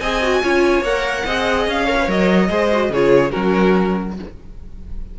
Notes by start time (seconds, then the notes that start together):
0.00 C4 G#4 D#5 G#5
0.23 F#4
0.43 C#4 F4 C#5
0.82 A#3 A#4 F#5
1.26 C4 G#4 D#5
1.67 C#4 F5
1.86 A#4 C#5
1.99 B4
2.07 F#3 A#4 D#5
2.49 G#3 G#4 C5
2.72 F#4
2.90 C#3 F4 G#4 C#5
3.31 F#3 C#4 F#4 A#4